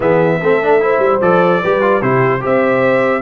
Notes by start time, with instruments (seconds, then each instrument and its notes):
0.00 tuba E3, trombone B3, horn G#4, trumpet E5
0.42 tuba A3, trombone C4, horn A4
0.62 trombone D4
0.80 trombone E4, horn C5
0.98 tuba G3
1.20 tuba F3, trombone A4, trumpet D5
1.62 tuba G3, trombone G4, horn B4
1.81 trombone F4
2.01 tuba C3, trombone E4, horn G4, trumpet C5
2.40 tuba C4, trombone G4, horn C5, trumpet E5